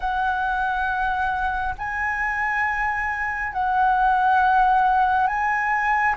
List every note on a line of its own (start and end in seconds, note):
0.00 1.74 F#5
1.78 3.53 G#5
3.53 5.27 F#5
5.27 6.15 G#5